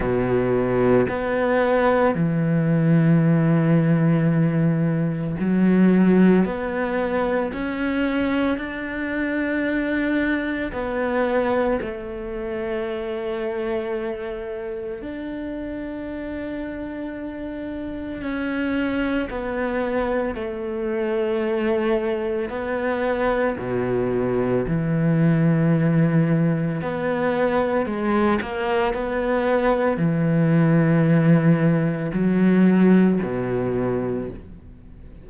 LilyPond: \new Staff \with { instrumentName = "cello" } { \time 4/4 \tempo 4 = 56 b,4 b4 e2~ | e4 fis4 b4 cis'4 | d'2 b4 a4~ | a2 d'2~ |
d'4 cis'4 b4 a4~ | a4 b4 b,4 e4~ | e4 b4 gis8 ais8 b4 | e2 fis4 b,4 | }